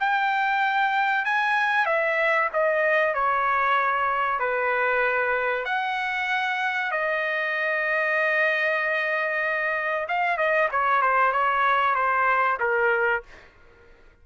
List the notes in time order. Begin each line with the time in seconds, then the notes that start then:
0.00 G5
1.25 G#5
1.86 E5
2.53 D#5
3.14 C#5
4.40 B4
5.65 F#5
6.92 D#5
10.09 F5
10.37 D#5
10.71 C#5
11.02 C5
11.33 C#5
11.95 C5
12.60 A#4